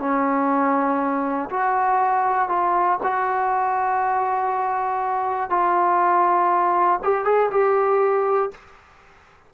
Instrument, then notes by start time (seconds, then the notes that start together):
trombone
0.00 C#4
1.50 F#4
2.49 F4
3.03 F#4
5.50 F4
7.04 G4
7.25 G#4
7.51 G4